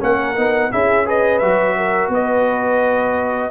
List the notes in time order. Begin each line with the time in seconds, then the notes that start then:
0.00 A#3 C#4 A#4 F#5
0.36 B3 D#4
0.72 C#4 E4 G#4 E5
1.06 G#4 B4 D#5
1.39 F#3 F#4 E5
1.77 A#4
2.09 B3 B4 D#5